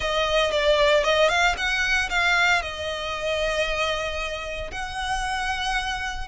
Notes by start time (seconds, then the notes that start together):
0.00 D#5
0.51 D5
1.03 D#5
1.29 F5
1.57 F#5
2.09 F5
2.62 D#5
4.71 F#5